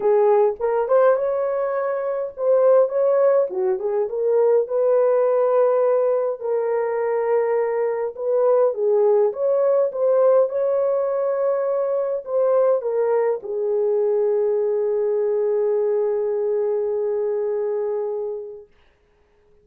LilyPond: \new Staff \with { instrumentName = "horn" } { \time 4/4 \tempo 4 = 103 gis'4 ais'8 c''8 cis''2 | c''4 cis''4 fis'8 gis'8 ais'4 | b'2. ais'4~ | ais'2 b'4 gis'4 |
cis''4 c''4 cis''2~ | cis''4 c''4 ais'4 gis'4~ | gis'1~ | gis'1 | }